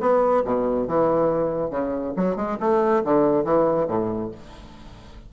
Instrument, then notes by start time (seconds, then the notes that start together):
bassoon
0.00 B3
0.44 B2
0.87 E3
1.70 C#3
2.16 F#3
2.36 G#3
2.60 A3
3.04 D3
3.44 E3
3.88 A2